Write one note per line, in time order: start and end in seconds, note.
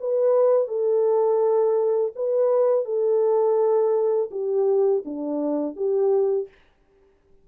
0.00 0.68 B4
0.68 2.12 A4
2.15 2.85 B4
2.85 4.30 A4
4.31 5.03 G4
5.05 5.76 D4
5.76 6.48 G4